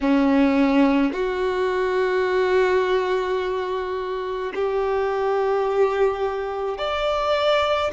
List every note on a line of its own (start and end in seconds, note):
0.01 1.13 C#4
1.13 4.52 F#4
4.54 6.78 G4
6.78 7.91 D5